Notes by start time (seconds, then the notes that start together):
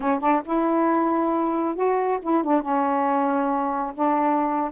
0.00 C#4
0.20 D4
0.45 E4
1.75 F#4
2.22 E4
2.43 D4
2.61 C#4
3.94 D4